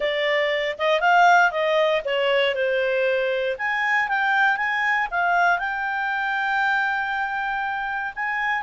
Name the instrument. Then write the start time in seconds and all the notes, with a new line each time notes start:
clarinet
0.00 D5
0.78 D#5
1.00 F5
1.51 D#5
2.05 C#5
2.54 C5
3.58 G#5
4.08 G5
4.56 G#5
5.11 F5
5.59 G5
8.15 G#5